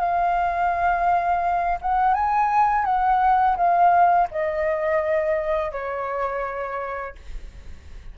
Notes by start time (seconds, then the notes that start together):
0.00 F5
1.81 F#5
2.14 G#5
2.85 F#5
3.56 F5
4.31 D#5
5.72 C#5